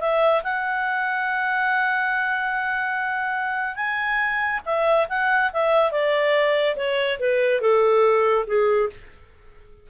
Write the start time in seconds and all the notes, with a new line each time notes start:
0.00 E5
0.43 F#5
3.76 G#5
4.65 E5
5.09 F#5
5.53 E5
5.91 D5
6.76 C#5
7.19 B4
7.61 A4
8.47 G#4